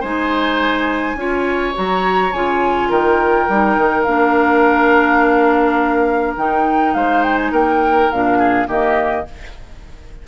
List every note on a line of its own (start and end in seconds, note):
0.00 1.15 G#3
0.00 1.17 D#4
0.00 1.15 C5
0.00 1.75 G#5
1.15 1.73 C#4
1.15 1.74 F4
1.15 2.89 C#5
1.74 2.32 F#3
1.74 2.31 F#4
1.74 2.32 A#5
2.32 2.90 C#3
2.32 3.50 F4
2.32 2.90 G#5
2.89 3.48 D#3
2.89 6.93 A#4
2.89 4.03 G5
3.48 3.77 G3
3.48 4.06 D#4
3.77 4.06 D#3
4.03 6.36 A#3
4.03 6.37 D4
4.03 6.34 F5
6.36 6.94 D#3
6.36 8.11 D#4
6.36 6.94 G5
6.94 7.51 G#3
6.94 7.52 C5
6.94 7.23 F5
7.23 7.37 G5
7.37 7.51 G#5
7.51 8.09 A#3
7.51 8.38 A#4
7.51 8.11 G5
8.11 8.67 A#2
8.11 8.67 D4
8.11 8.69 F5
8.38 8.67 G#4
8.67 9.25 D#3
8.67 9.25 A#3
8.67 9.25 G4
8.67 9.27 D#5